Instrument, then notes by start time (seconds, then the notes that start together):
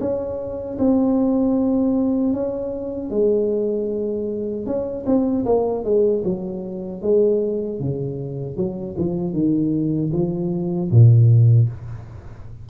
tuba
0.00 C#4
0.79 C4
2.33 C#4
3.10 G#3
4.66 C#4
5.06 C4
5.45 A#3
5.84 G#3
6.24 F#3
7.02 G#3
7.80 C#3
8.56 F#3
8.98 F3
9.33 D#3
10.13 F3
10.91 A#2